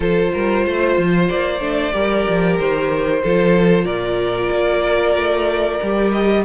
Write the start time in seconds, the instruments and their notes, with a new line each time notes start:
0.00 cello F3, viola F4, violin A4 C5
0.33 cello G3, violin A#4
0.65 cello A3, violin C5
0.97 cello F3
1.28 cello A#3, violin D5
1.59 cello A3, viola D4
1.92 cello G3, viola G4, violin A#4
2.28 cello F3
2.58 cello D#3, violin C5
3.22 cello F3, viola F4, violin A4
3.84 cello A#2, violin A#4 D5
4.51 cello A#3
5.15 cello A3
5.81 cello G3, viola G4
6.11 violin D#5